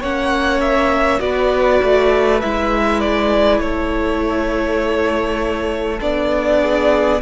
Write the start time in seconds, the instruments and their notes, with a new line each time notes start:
0.00 cello A#3, viola C#4, violin C#5 F#5
0.60 violin E5
1.19 cello B3, viola F#4, violin B4 D5
1.82 cello A3
2.40 cello G#3, viola E4, violin E5
3.00 violin D5
3.60 cello A3, violin A4 C#5
6.00 cello B3, viola D4, violin D5
6.61 violin G#4